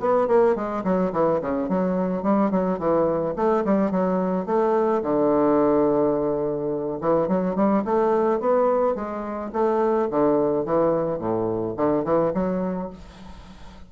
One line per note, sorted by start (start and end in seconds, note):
0.00 0.28 B3
0.28 0.56 A#3
0.56 0.84 G#3
0.84 1.12 F#3
1.12 1.40 E3
1.41 1.69 C#3
1.69 2.23 F#3
2.23 2.51 G3
2.51 2.79 F#3
2.79 3.35 E3
3.36 3.64 A3
3.65 3.91 G3
3.91 4.46 F#3
4.46 5.02 A3
5.03 6.99 D3
7.01 7.28 E3
7.28 7.55 F#3
7.55 7.84 G3
7.85 8.40 A3
8.40 8.95 B3
8.95 9.51 G#3
9.53 10.09 A3
10.10 10.65 D3
10.65 11.19 E3
11.19 11.75 A2
11.77 12.04 D3
12.04 12.32 E3
12.34 12.90 F#3